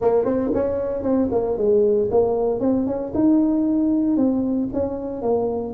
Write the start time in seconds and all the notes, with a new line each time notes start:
0.01 A#3
0.24 C4
0.54 C#4
1.02 C4
1.31 A#3
1.57 G#3
2.10 A#3
2.60 C4
2.86 C#4
3.14 D#4
4.16 C4
4.73 C#4
5.22 A#3